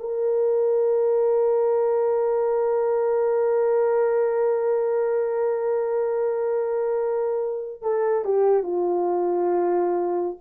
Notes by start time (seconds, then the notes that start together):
0.00 A#4
7.82 A4
8.25 G4
8.63 F4